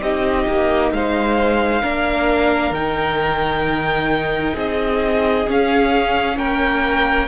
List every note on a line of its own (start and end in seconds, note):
0.00 0.45 C4
0.00 1.82 D#4
0.00 0.93 G4
0.00 0.92 D#5
0.47 0.91 A#3
0.91 1.82 G#3
0.91 1.82 C5
0.91 2.73 F5
1.82 2.70 A#3
1.82 2.73 D4
1.82 4.54 A#4
2.70 4.52 D#3
2.70 5.47 D#4
2.70 4.55 G5
4.54 5.46 C4
4.54 6.36 G#4
4.54 5.49 D#5
5.47 7.28 C#4
5.47 6.37 C#4
5.47 6.37 F5
6.37 7.28 A#3
6.37 7.28 A#4
6.37 7.28 G5